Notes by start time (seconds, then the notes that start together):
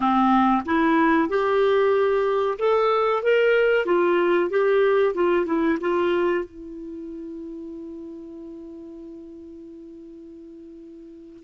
0.00 C4
0.65 E4
1.28 G4
2.58 A4
3.22 A#4
3.85 F4
4.50 G4
5.14 F4
5.46 E4
5.80 F4
6.45 E4